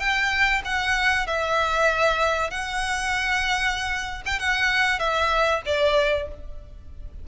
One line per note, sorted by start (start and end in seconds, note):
0.00 0.62 G5
0.65 1.27 F#5
1.27 2.51 E5
2.51 4.22 F#5
4.26 4.39 G5
4.39 5.00 F#5
5.00 5.62 E5
5.66 6.28 D5